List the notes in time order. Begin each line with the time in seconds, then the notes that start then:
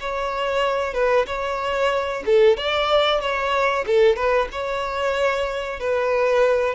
0.00 C#5
0.94 B4
1.26 C#5
2.26 A4
2.57 D5
3.21 C#5
3.87 A4
4.16 B4
4.52 C#5
5.79 B4